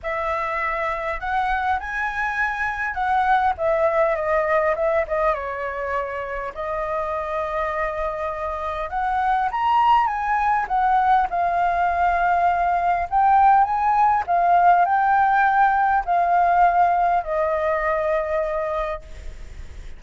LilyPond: \new Staff \with { instrumentName = "flute" } { \time 4/4 \tempo 4 = 101 e''2 fis''4 gis''4~ | gis''4 fis''4 e''4 dis''4 | e''8 dis''8 cis''2 dis''4~ | dis''2. fis''4 |
ais''4 gis''4 fis''4 f''4~ | f''2 g''4 gis''4 | f''4 g''2 f''4~ | f''4 dis''2. | }